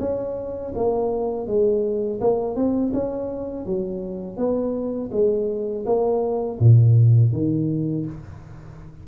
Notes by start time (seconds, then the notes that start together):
0.00 C#4
0.75 A#3
1.47 G#3
2.21 A#3
2.56 C4
2.94 C#4
3.66 F#3
4.37 B3
5.12 G#3
5.86 A#3
6.60 A#2
7.33 D#3